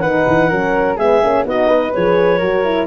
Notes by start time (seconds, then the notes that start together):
0.00 D#3 D#4 B4 F#5
0.28 E3
0.49 F#3 C#4 A#4
0.97 G#3 B3 G#4 E5
1.22 A#3 C#4
1.44 B3 D#4 F#4 D#5
1.68 B4
1.93 F3 G#4 C#5
2.38 F#3 F#4 A#4
2.64 E4